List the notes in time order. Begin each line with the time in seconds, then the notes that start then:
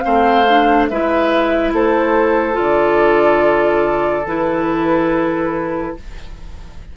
0.00 A3 C4 C5 F5
0.49 D4
0.88 G#3 E4 B4 E5
1.72 A3 A4 C5
2.53 D3 F4 D5
4.25 E3 E4 B4